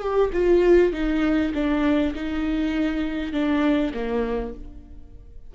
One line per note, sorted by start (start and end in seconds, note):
0.00 0.30 G4
0.32 0.92 F4
0.92 1.52 D#4
1.54 2.14 D4
2.15 3.32 D#4
3.32 3.92 D4
3.93 4.53 A#3